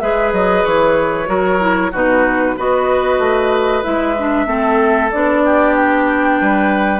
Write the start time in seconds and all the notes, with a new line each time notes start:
0.00 G#3 G#4 B4 E5
0.33 F#3 D#5
0.65 E3 C#5
1.27 F#3 F#4 A#4
1.60 E4
1.92 B2 D#4 F#4 B4
2.57 B3 F#4 B4 D#5
3.19 A3
3.83 G#3 E4 E5
4.19 D4
4.47 A3 C4 A4
5.11 B3 D4 D5
5.45 G4
5.75 G5
6.41 G3 B4